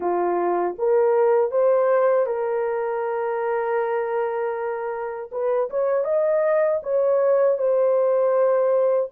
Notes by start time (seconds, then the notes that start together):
0.00 F4
0.78 A#4
1.51 C5
2.26 A#4
5.31 B4
5.70 C#5
6.04 D#5
6.83 C#5
7.57 C5